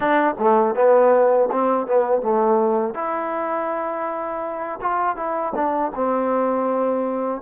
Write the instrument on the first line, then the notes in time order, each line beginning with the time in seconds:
trombone
0.00 D4
0.39 A3
0.75 B3
1.51 C4
1.87 B3
2.22 A3
2.94 E4
4.81 F4
5.16 E4
5.55 D4
5.95 C4